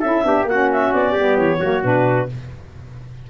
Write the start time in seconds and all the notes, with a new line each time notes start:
0.00 C#4 E4 A4 E5
0.23 B3 D4 G4
0.44 A#3 F#5
0.50 C#4 F#4
0.71 E5
0.93 B3 D5
1.12 G3 B3 G4
1.37 E3 C#5
1.60 F#3 A#3 F#4
1.84 B2 D4 B4